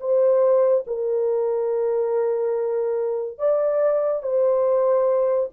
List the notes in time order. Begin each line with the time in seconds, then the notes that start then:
0.00 C5
0.87 A#4
3.38 D5
4.23 C5